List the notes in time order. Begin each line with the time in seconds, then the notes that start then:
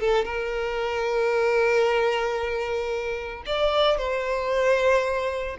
0.00 A4
0.25 A#4
3.46 D5
3.98 C5